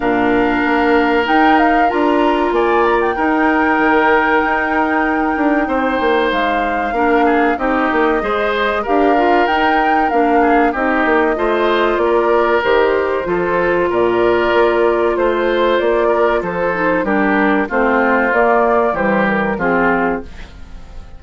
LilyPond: <<
  \new Staff \with { instrumentName = "flute" } { \time 4/4 \tempo 4 = 95 f''2 g''8 f''8 ais''4 | gis''8 ais''16 g''2.~ g''16~ | g''2 f''2 | dis''2 f''4 g''4 |
f''4 dis''2 d''4 | c''2 d''2 | c''4 d''4 c''4 ais'4 | c''4 d''4 c''8 ais'8 gis'4 | }
  \new Staff \with { instrumentName = "oboe" } { \time 4/4 ais'1 | d''4 ais'2.~ | ais'4 c''2 ais'8 gis'8 | g'4 c''4 ais'2~ |
ais'8 gis'8 g'4 c''4 ais'4~ | ais'4 a'4 ais'2 | c''4. ais'8 a'4 g'4 | f'2 g'4 f'4 | }
  \new Staff \with { instrumentName = "clarinet" } { \time 4/4 d'2 dis'4 f'4~ | f'4 dis'2.~ | dis'2. d'4 | dis'4 gis'4 g'8 f'8 dis'4 |
d'4 dis'4 f'2 | g'4 f'2.~ | f'2~ f'8 dis'8 d'4 | c'4 ais4 g4 c'4 | }
  \new Staff \with { instrumentName = "bassoon" } { \time 4/4 ais,4 ais4 dis'4 d'4 | ais4 dis'4 dis4 dis'4~ | dis'8 d'8 c'8 ais8 gis4 ais4 | c'8 ais8 gis4 d'4 dis'4 |
ais4 c'8 ais8 a4 ais4 | dis4 f4 ais,4 ais4 | a4 ais4 f4 g4 | a4 ais4 e4 f4 | }
>>